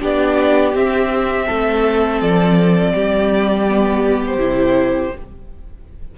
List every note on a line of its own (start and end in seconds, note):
0.00 0.74 B3
0.00 0.73 D4
0.00 1.46 G4
0.00 0.75 D5
0.74 3.67 C4
0.74 1.48 C4
0.74 2.21 E5
1.46 2.21 A3
1.46 2.92 A4
2.21 2.93 F3
2.21 4.23 D5
2.93 4.37 G3
2.93 5.14 G4
3.69 4.39 B3
4.26 5.18 C5
4.37 5.10 C3
4.37 5.12 E4